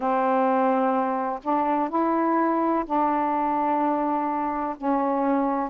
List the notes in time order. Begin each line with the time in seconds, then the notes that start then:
0.00 C4
1.43 D4
1.89 E4
2.85 D4
4.77 C#4